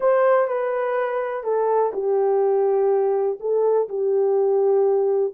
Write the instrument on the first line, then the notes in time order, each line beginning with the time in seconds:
horn
0.00 C5
0.47 B4
1.43 A4
1.93 G4
3.40 A4
3.88 G4